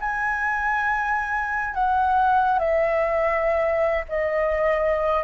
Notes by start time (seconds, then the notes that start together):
0.00 G#5
1.74 F#5
2.59 E5
4.09 D#5